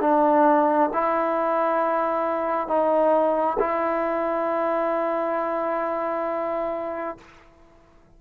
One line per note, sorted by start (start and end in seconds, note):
0.00 0.90 D4
0.93 2.67 E4
2.67 3.57 D#4
3.59 7.17 E4